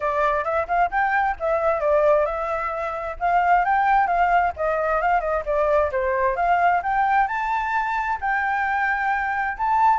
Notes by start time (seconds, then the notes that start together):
0.00 D5
0.44 E5
0.67 F5
0.90 G5
1.39 E5
1.80 D5
2.25 E5
3.19 F5
3.64 G5
4.07 F5
4.56 D#5
5.01 F5
5.20 D#5
5.45 D5
5.91 C5
6.36 F5
6.82 G5
7.27 A5
8.20 G5
9.57 A5